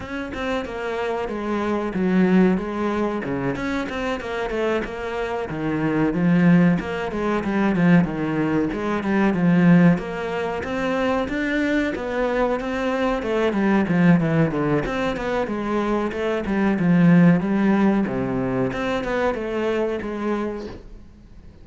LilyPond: \new Staff \with { instrumentName = "cello" } { \time 4/4 \tempo 4 = 93 cis'8 c'8 ais4 gis4 fis4 | gis4 cis8 cis'8 c'8 ais8 a8 ais8~ | ais8 dis4 f4 ais8 gis8 g8 | f8 dis4 gis8 g8 f4 ais8~ |
ais8 c'4 d'4 b4 c'8~ | c'8 a8 g8 f8 e8 d8 c'8 b8 | gis4 a8 g8 f4 g4 | c4 c'8 b8 a4 gis4 | }